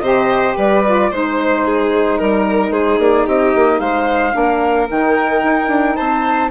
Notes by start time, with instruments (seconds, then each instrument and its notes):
0.00 bassoon C3, saxophone G4, violin C5, flute D#5
0.57 bassoon G3, violin B4, flute D5
0.85 saxophone F4
1.11 bassoon G#3, saxophone D#4, violin C5, flute C5
1.66 violin G#4
2.18 bassoon G3, flute A#4, violin A#4
2.71 bassoon G#3, violin G#4, flute C5
2.99 bassoon A#3, flute D5
3.27 bassoon C4, violin G4, flute D#5
3.55 bassoon A#3
3.80 bassoon G#3, violin C5, flute F5
4.33 bassoon A#3, saxophone D4, violin A#4
4.89 bassoon D#3, saxophone D#4, flute G5
5.44 bassoon D#4
5.68 bassoon D4
5.96 bassoon C4, violin C5, flute A5